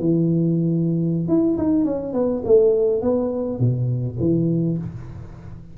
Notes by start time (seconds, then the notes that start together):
0.00 E3
1.28 E4
1.58 D#4
1.85 C#4
2.13 B3
2.45 A3
3.02 B3
3.59 B2
4.20 E3